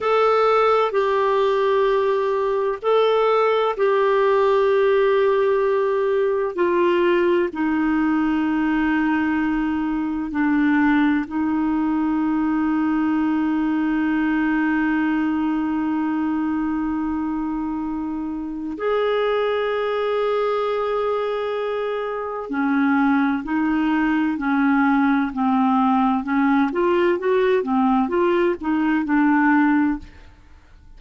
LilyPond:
\new Staff \with { instrumentName = "clarinet" } { \time 4/4 \tempo 4 = 64 a'4 g'2 a'4 | g'2. f'4 | dis'2. d'4 | dis'1~ |
dis'1 | gis'1 | cis'4 dis'4 cis'4 c'4 | cis'8 f'8 fis'8 c'8 f'8 dis'8 d'4 | }